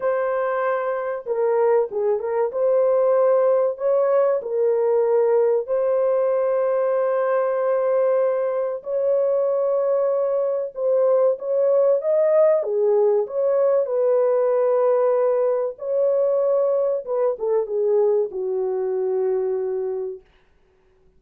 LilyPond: \new Staff \with { instrumentName = "horn" } { \time 4/4 \tempo 4 = 95 c''2 ais'4 gis'8 ais'8 | c''2 cis''4 ais'4~ | ais'4 c''2.~ | c''2 cis''2~ |
cis''4 c''4 cis''4 dis''4 | gis'4 cis''4 b'2~ | b'4 cis''2 b'8 a'8 | gis'4 fis'2. | }